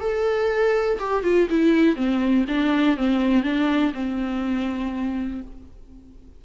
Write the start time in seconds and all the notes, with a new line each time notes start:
0.00 A4
0.99 G4
1.23 F4
1.50 E4
1.96 C4
2.48 D4
2.97 C4
3.43 D4
3.93 C4